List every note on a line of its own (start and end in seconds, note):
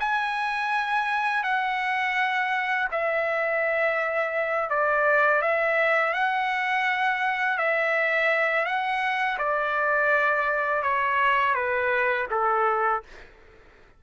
0.00 1.44 G#5
1.44 2.88 F#5
2.91 4.70 E5
4.70 5.42 D5
5.42 6.14 E5
6.14 7.58 F#5
7.58 8.65 E5
8.65 9.38 F#5
9.38 10.83 D5
10.83 11.55 C#5
11.55 12.27 B4
12.31 13.03 A4